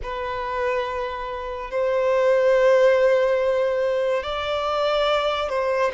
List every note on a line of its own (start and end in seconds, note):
0.02 1.70 B4
1.70 4.23 C5
4.23 5.49 D5
5.49 5.91 C5